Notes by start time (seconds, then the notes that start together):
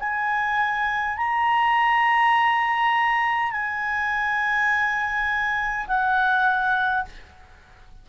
0.00 G#5
1.17 A#5
3.51 G#5
5.88 F#5